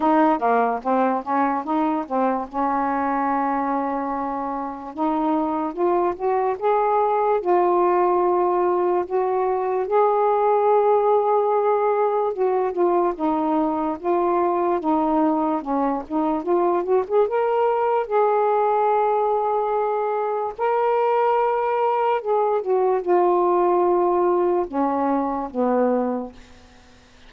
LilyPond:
\new Staff \with { instrumentName = "saxophone" } { \time 4/4 \tempo 4 = 73 dis'8 ais8 c'8 cis'8 dis'8 c'8 cis'4~ | cis'2 dis'4 f'8 fis'8 | gis'4 f'2 fis'4 | gis'2. fis'8 f'8 |
dis'4 f'4 dis'4 cis'8 dis'8 | f'8 fis'16 gis'16 ais'4 gis'2~ | gis'4 ais'2 gis'8 fis'8 | f'2 cis'4 b4 | }